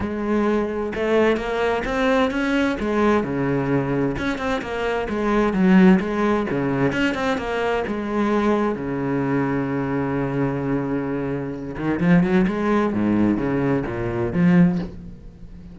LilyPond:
\new Staff \with { instrumentName = "cello" } { \time 4/4 \tempo 4 = 130 gis2 a4 ais4 | c'4 cis'4 gis4 cis4~ | cis4 cis'8 c'8 ais4 gis4 | fis4 gis4 cis4 cis'8 c'8 |
ais4 gis2 cis4~ | cis1~ | cis4. dis8 f8 fis8 gis4 | gis,4 cis4 ais,4 f4 | }